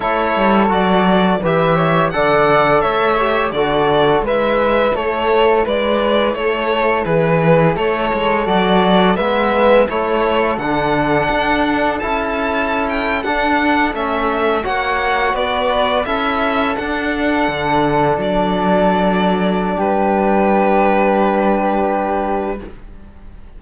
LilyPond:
<<
  \new Staff \with { instrumentName = "violin" } { \time 4/4 \tempo 4 = 85 cis''4 d''4 e''4 fis''4 | e''4 d''4 e''4 cis''4 | d''4 cis''4 b'4 cis''4 | d''4 e''4 cis''4 fis''4~ |
fis''4 a''4~ a''16 g''8 fis''4 e''16~ | e''8. fis''4 d''4 e''4 fis''16~ | fis''4.~ fis''16 d''2~ d''16 | b'1 | }
  \new Staff \with { instrumentName = "flute" } { \time 4/4 a'2 b'8 cis''8 d''4 | cis''4 a'4 b'4 a'4 | b'4 a'4 gis'4 a'4~ | a'4 b'4 a'2~ |
a'1~ | a'8. cis''4 b'4 a'4~ a'16~ | a'1 | g'1 | }
  \new Staff \with { instrumentName = "trombone" } { \time 4/4 e'4 fis'4 g'4 a'4~ | a'8 g'8 fis'4 e'2~ | e'1 | fis'4 b4 e'4 d'4~ |
d'4 e'4.~ e'16 d'4 cis'16~ | cis'8. fis'2 e'4 d'16~ | d'1~ | d'1 | }
  \new Staff \with { instrumentName = "cello" } { \time 4/4 a8 g8 fis4 e4 d4 | a4 d4 gis4 a4 | gis4 a4 e4 a8 gis8 | fis4 gis4 a4 d4 |
d'4 cis'4.~ cis'16 d'4 a16~ | a8. ais4 b4 cis'4 d'16~ | d'8. d4 fis2~ fis16 | g1 | }
>>